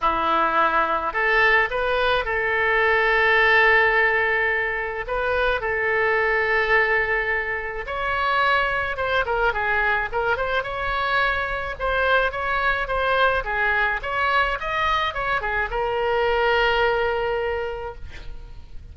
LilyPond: \new Staff \with { instrumentName = "oboe" } { \time 4/4 \tempo 4 = 107 e'2 a'4 b'4 | a'1~ | a'4 b'4 a'2~ | a'2 cis''2 |
c''8 ais'8 gis'4 ais'8 c''8 cis''4~ | cis''4 c''4 cis''4 c''4 | gis'4 cis''4 dis''4 cis''8 gis'8 | ais'1 | }